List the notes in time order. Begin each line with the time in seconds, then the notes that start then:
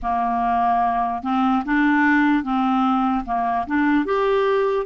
0.02 A#3
1.22 C4
1.65 D4
2.43 C4
3.25 A#3
3.66 D4
4.05 G4